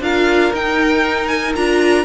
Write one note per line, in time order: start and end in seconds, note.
0.00 0.51 D4
0.00 0.53 F4
0.00 2.05 A#4
0.00 0.53 F5
0.53 1.55 D#4
0.53 1.27 G5
1.27 1.52 G#5
1.55 2.05 D4
1.55 2.05 F4
1.55 2.05 A#5